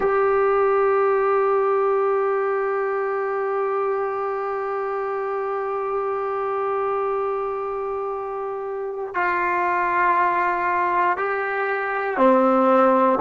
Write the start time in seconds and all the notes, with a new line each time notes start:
0.00 G4
9.14 F4
11.17 G4
12.17 C4